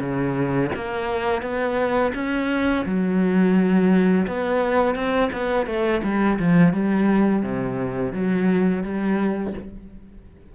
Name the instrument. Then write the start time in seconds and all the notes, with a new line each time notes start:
cello
0.00 C#3
0.75 A#3
1.42 B3
2.15 C#4
2.86 F#3
4.27 B3
4.95 C4
5.33 B3
5.67 A3
6.03 G3
6.39 F3
6.73 G3
7.43 C3
8.13 F#3
8.83 G3